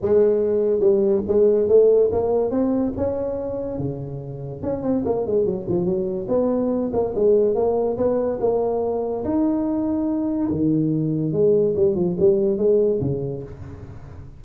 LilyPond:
\new Staff \with { instrumentName = "tuba" } { \time 4/4 \tempo 4 = 143 gis2 g4 gis4 | a4 ais4 c'4 cis'4~ | cis'4 cis2 cis'8 c'8 | ais8 gis8 fis8 f8 fis4 b4~ |
b8 ais8 gis4 ais4 b4 | ais2 dis'2~ | dis'4 dis2 gis4 | g8 f8 g4 gis4 cis4 | }